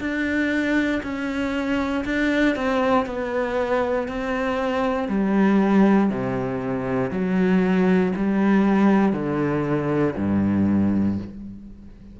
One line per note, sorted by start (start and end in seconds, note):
0.00 1.02 D4
1.03 2.04 C#4
2.05 2.56 D4
2.56 3.06 C4
3.06 4.08 B3
4.08 5.08 C4
5.08 6.10 G3
6.10 7.11 C3
7.11 8.13 F#3
8.16 9.13 G3
9.13 10.15 D3
10.16 11.18 G2